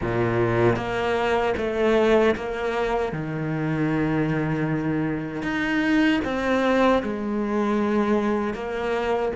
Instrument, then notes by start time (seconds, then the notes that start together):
cello
0.01 A#2
0.76 A#3
1.57 A3
2.36 A#3
3.12 D#3
5.42 D#4
6.24 C4
7.03 G#3
8.54 A#3